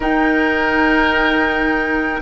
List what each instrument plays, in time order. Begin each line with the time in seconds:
0.00 bassoon D#4, clarinet D#4, oboe A#4, flute G5